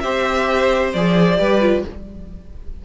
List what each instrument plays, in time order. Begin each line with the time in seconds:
0.00 cello C4, viola G4, violin C5 E5
0.93 cello F3, viola G#4, violin D5
1.38 cello G3, viola G4, violin B4
1.61 viola F4